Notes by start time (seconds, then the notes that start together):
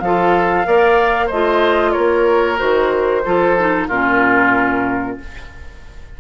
0.00 F3 F4 A4 F5
0.65 A#3 A#4 D5
1.26 A3 C5 D#5
1.33 F4
1.92 A#3 A#4 C#5
2.57 D#3 F#4 C5
3.25 F3 F4 A4
3.57 D#4
3.88 A#2 C#4 F4 A#4